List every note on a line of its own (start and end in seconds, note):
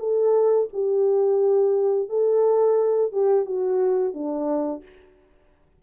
0.00 0.69 A4
0.73 2.10 G4
2.10 3.13 A4
3.13 3.46 G4
3.46 4.14 F#4
4.14 4.83 D4